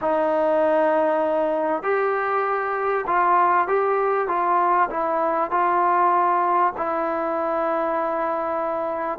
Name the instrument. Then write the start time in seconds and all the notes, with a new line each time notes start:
trombone
0.01 D#4
1.82 G4
3.06 F4
3.67 G4
4.27 F4
4.90 E4
5.50 F4
6.77 E4